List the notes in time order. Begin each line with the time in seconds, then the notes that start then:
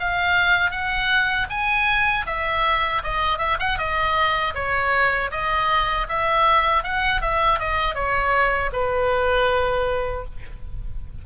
0.00 F5
0.71 F#5
1.50 G#5
2.26 E5
3.04 D#5
3.38 E5
3.59 F#5
3.78 D#5
4.55 C#5
5.31 D#5
6.09 E5
6.84 F#5
7.22 E5
7.59 D#5
7.95 C#5
8.73 B4